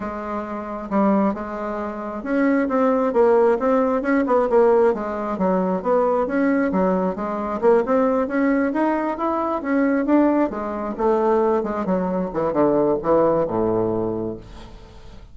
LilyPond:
\new Staff \with { instrumentName = "bassoon" } { \time 4/4 \tempo 4 = 134 gis2 g4 gis4~ | gis4 cis'4 c'4 ais4 | c'4 cis'8 b8 ais4 gis4 | fis4 b4 cis'4 fis4 |
gis4 ais8 c'4 cis'4 dis'8~ | dis'8 e'4 cis'4 d'4 gis8~ | gis8 a4. gis8 fis4 e8 | d4 e4 a,2 | }